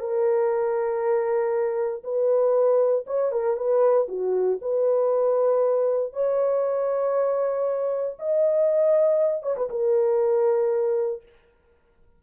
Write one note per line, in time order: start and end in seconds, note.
0.00 2.03 A#4
2.04 3.06 B4
3.07 3.32 C#5
3.32 3.57 A#4
3.57 4.08 B4
4.09 4.59 F#4
4.62 6.14 B4
6.14 8.17 C#5
8.19 9.43 D#5
9.43 9.56 C#5
9.57 9.70 B4
9.70 11.23 A#4